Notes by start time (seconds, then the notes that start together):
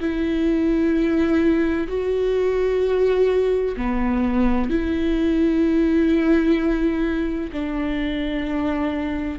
0.00 E4
1.88 F#4
3.76 B3
4.70 E4
7.52 D4